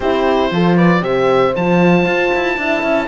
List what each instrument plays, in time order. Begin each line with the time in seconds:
0.00 cello C4, horn E4 G4, oboe C5
0.51 cello F3, horn F4 A4
0.75 horn B4, oboe D5
1.00 cello C3, horn G4 C5, oboe E5
1.55 cello F3, horn F4, oboe A5
2.05 cello F4
2.34 cello E4
2.57 cello D4, horn E4 E5
2.82 cello C#4